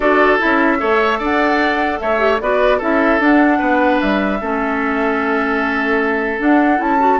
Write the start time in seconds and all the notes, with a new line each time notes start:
0.00 D4 F#4 A4 D5
0.39 C#4 E4 E5
0.78 A3 A4 C#5
1.19 D4 D5 F#5
1.99 A3 C#5 E5
2.18 G4
2.40 B3 F#4 B4 D5
2.78 C#4 E4 A4 E5
3.19 D4 F#5
3.58 B3 B4
4.00 G3 E5
4.41 A3 C#4 A4
6.38 D4 F#5
6.77 C#4 E4 A5
6.99 F#4